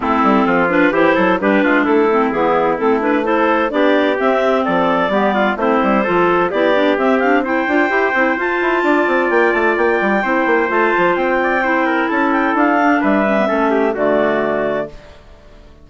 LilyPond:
<<
  \new Staff \with { instrumentName = "clarinet" } { \time 4/4 \tempo 4 = 129 a'4. b'8 c''4 b'4 | a'4 gis'4 a'8 b'8 c''4 | d''4 e''4 d''2 | c''2 d''4 e''8 f''8 |
g''2 a''2 | g''8 a''8 g''2 a''4 | g''2 a''8 g''8 f''4 | e''2 d''2 | }
  \new Staff \with { instrumentName = "trumpet" } { \time 4/4 e'4 f'4 g'8 a'8 g'8 f'8 | e'2. a'4 | g'2 a'4 g'8 f'8 | e'4 a'4 g'2 |
c''2. d''4~ | d''2 c''2~ | c''8 d''8 c''8 ais'8 a'2 | b'4 a'8 g'8 fis'2 | }
  \new Staff \with { instrumentName = "clarinet" } { \time 4/4 c'4. d'8 e'4 d'4~ | d'8 c'8 b4 c'8 d'8 e'4 | d'4 c'2 b4 | c'4 f'4 e'8 d'8 c'8 d'8 |
e'8 f'8 g'8 e'8 f'2~ | f'2 e'4 f'4~ | f'4 e'2~ e'8 d'8~ | d'8 cis'16 b16 cis'4 a2 | }
  \new Staff \with { instrumentName = "bassoon" } { \time 4/4 a8 g8 f4 e8 fis8 g8 gis8 | a4 e4 a2 | b4 c'4 f4 g4 | a8 g8 f4 b4 c'4~ |
c'8 d'8 e'8 c'8 f'8 e'8 d'8 c'8 | ais8 a8 ais8 g8 c'8 ais8 a8 f8 | c'2 cis'4 d'4 | g4 a4 d2 | }
>>